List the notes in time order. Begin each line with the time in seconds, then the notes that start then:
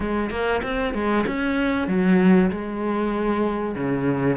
0.00 G#3
0.30 A#3
0.62 C4
0.93 G#3
1.26 C#4
1.88 F#3
2.51 G#3
3.75 C#3